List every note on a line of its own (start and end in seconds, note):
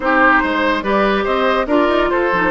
0.00 0.42 C4
0.00 0.83 D#4
0.00 0.42 G4
0.00 0.82 C5
0.42 0.82 G#3
0.42 0.83 C5
0.82 1.24 G3
0.82 1.67 G4
0.82 1.24 B4
0.82 1.24 D5
1.24 1.67 C4
1.24 1.65 C5
1.24 1.67 D#5
1.67 1.87 D4
1.67 2.31 F4
1.67 2.09 A#4
1.67 2.09 D5
1.88 2.09 D#4
2.09 2.32 F4
2.09 2.50 A4
2.09 2.50 C5
2.32 2.50 F3
2.32 2.50 D#4